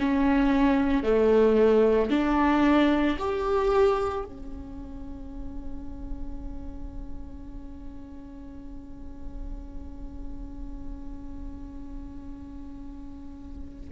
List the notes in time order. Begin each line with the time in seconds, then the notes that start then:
0.00 C#4
1.04 A3
2.10 D4
3.19 G4
4.25 C#4